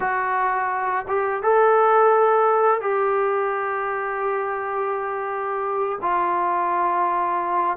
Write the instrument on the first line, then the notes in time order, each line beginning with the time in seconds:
trombone
0.00 F#4
1.07 G4
1.42 A4
2.81 G4
6.01 F4